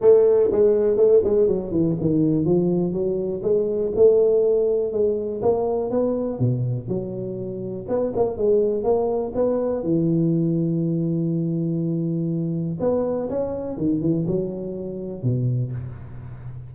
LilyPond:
\new Staff \with { instrumentName = "tuba" } { \time 4/4 \tempo 4 = 122 a4 gis4 a8 gis8 fis8 e8 | dis4 f4 fis4 gis4 | a2 gis4 ais4 | b4 b,4 fis2 |
b8 ais8 gis4 ais4 b4 | e1~ | e2 b4 cis'4 | dis8 e8 fis2 b,4 | }